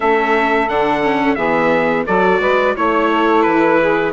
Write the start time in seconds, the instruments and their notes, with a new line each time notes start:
0.00 bassoon A3, viola C#4, saxophone A4, trumpet E5
0.68 bassoon D3, viola D4, trumpet F#5
1.02 viola C#4
1.35 bassoon E3, viola B3, saxophone G#4, trumpet E5
2.06 bassoon F#3, viola F#4, saxophone A4, trumpet D5
2.40 bassoon G#3, saxophone B4
2.76 bassoon A3, viola E4, trumpet C#5, saxophone C#5
3.11 saxophone A4
3.42 bassoon E3, trumpet B4
3.80 saxophone G#4